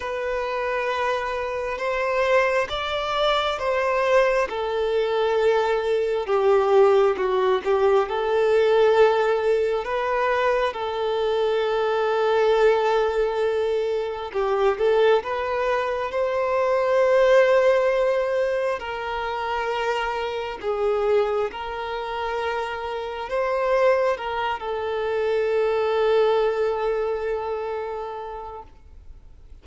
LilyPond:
\new Staff \with { instrumentName = "violin" } { \time 4/4 \tempo 4 = 67 b'2 c''4 d''4 | c''4 a'2 g'4 | fis'8 g'8 a'2 b'4 | a'1 |
g'8 a'8 b'4 c''2~ | c''4 ais'2 gis'4 | ais'2 c''4 ais'8 a'8~ | a'1 | }